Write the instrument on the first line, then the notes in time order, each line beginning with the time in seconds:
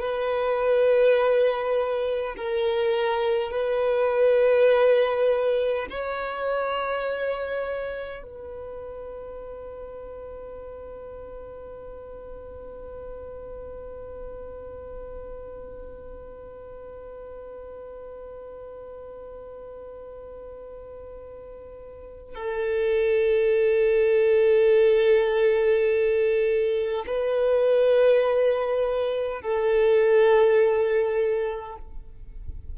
violin
0.00 B4
2.36 A#4
3.51 B4
5.90 C#5
8.23 B4
22.35 A4
27.06 B4
29.42 A4